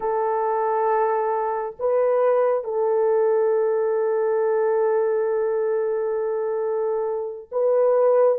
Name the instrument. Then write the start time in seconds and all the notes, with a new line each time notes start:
horn
0.00 A4
1.79 B4
2.64 A4
7.51 B4